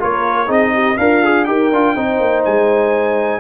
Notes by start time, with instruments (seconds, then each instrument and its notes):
0.00 tuba A#3, trombone F4, horn A#4, trumpet C#5
0.47 tuba C4, trombone D#4, horn G#4, trumpet D#5
0.74 horn G4
0.98 tuba D4, horn F4, trombone A#4, trumpet F5
1.24 trombone G#4
1.45 tuba D#4, trombone G4, horn A#4, trumpet G5
1.72 tuba D4, trombone F4
1.95 tuba C4, trombone D#4, horn C5
2.20 tuba A#3
2.45 tuba G#3, trumpet G#5